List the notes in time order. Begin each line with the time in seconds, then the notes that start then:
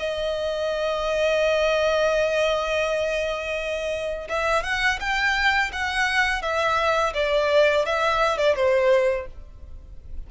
0.00 D#5
4.29 E5
4.64 F#5
5.00 G5
5.73 F#5
6.43 E5
7.14 D5
7.86 E5
8.38 D5
8.56 C5